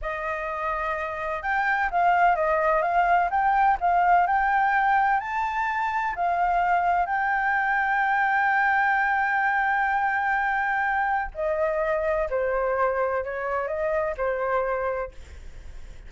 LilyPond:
\new Staff \with { instrumentName = "flute" } { \time 4/4 \tempo 4 = 127 dis''2. g''4 | f''4 dis''4 f''4 g''4 | f''4 g''2 a''4~ | a''4 f''2 g''4~ |
g''1~ | g''1 | dis''2 c''2 | cis''4 dis''4 c''2 | }